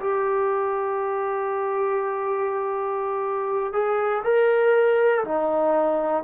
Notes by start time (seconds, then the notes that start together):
0.00 G4
3.73 G#4
4.24 A#4
5.25 D#4